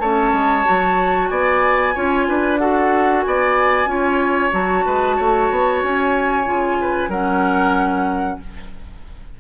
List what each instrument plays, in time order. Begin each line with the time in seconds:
0.00 bassoon A3, clarinet C#4, oboe C#5, flute A5
0.33 bassoon G#3
0.65 bassoon F#3, clarinet F#4
1.28 bassoon B3, oboe D5, flute G#5
1.95 bassoon C#4, clarinet F4, oboe C#5
2.28 bassoon D4, oboe B4
2.58 clarinet F#4, oboe A4, flute F#5
3.22 bassoon B3, oboe D5, flute G#5
3.86 bassoon C#4, clarinet F4, oboe C#5
4.51 bassoon F#3, clarinet F#4, flute A5
4.85 bassoon G#3, oboe B4
5.17 bassoon A3, oboe C#5
5.51 bassoon B3
5.83 bassoon C#4, flute G#5
6.45 bassoon C#3, clarinet F4
6.81 oboe B4
7.09 bassoon F#3, clarinet C#4, oboe A#4, flute F#5